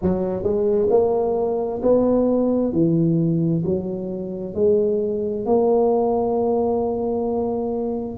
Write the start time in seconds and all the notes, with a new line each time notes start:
0.02 F#3
0.43 G#3
0.90 A#3
1.82 B3
2.72 E3
3.64 F#3
4.54 G#3
5.45 A#3